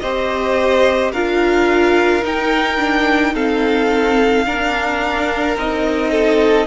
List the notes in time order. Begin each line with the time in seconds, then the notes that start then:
0.00 C4 G4 C5 D#5
1.12 D4 F4 A#4 F5
2.22 D#4 G5
2.78 D4
3.35 C4 A4 F5
4.46 D4 A#4
5.57 C4 D#4 D#5
6.11 A4